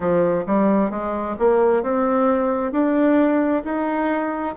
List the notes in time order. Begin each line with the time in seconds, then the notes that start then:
0.00 F3
0.46 G3
0.90 G#3
1.38 A#3
1.83 C4
2.72 D4
3.64 D#4